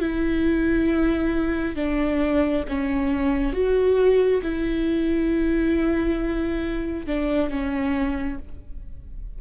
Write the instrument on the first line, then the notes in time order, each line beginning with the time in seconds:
viola
0.00 E4
1.76 D4
2.68 C#4
3.53 F#4
4.42 E4
7.06 D4
7.50 C#4